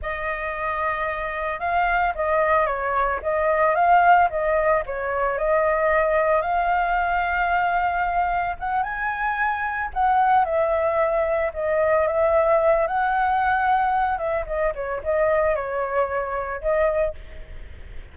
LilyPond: \new Staff \with { instrumentName = "flute" } { \time 4/4 \tempo 4 = 112 dis''2. f''4 | dis''4 cis''4 dis''4 f''4 | dis''4 cis''4 dis''2 | f''1 |
fis''8 gis''2 fis''4 e''8~ | e''4. dis''4 e''4. | fis''2~ fis''8 e''8 dis''8 cis''8 | dis''4 cis''2 dis''4 | }